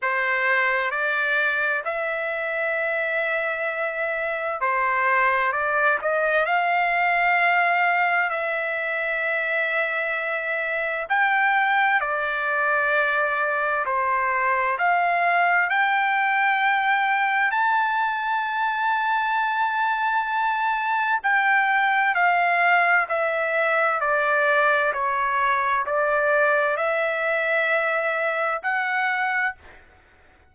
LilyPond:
\new Staff \with { instrumentName = "trumpet" } { \time 4/4 \tempo 4 = 65 c''4 d''4 e''2~ | e''4 c''4 d''8 dis''8 f''4~ | f''4 e''2. | g''4 d''2 c''4 |
f''4 g''2 a''4~ | a''2. g''4 | f''4 e''4 d''4 cis''4 | d''4 e''2 fis''4 | }